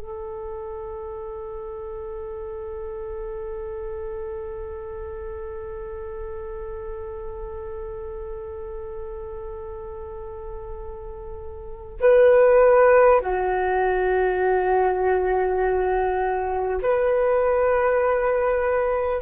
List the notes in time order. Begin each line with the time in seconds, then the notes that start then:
0.00 A4
12.01 B4
13.21 F#4
16.82 B4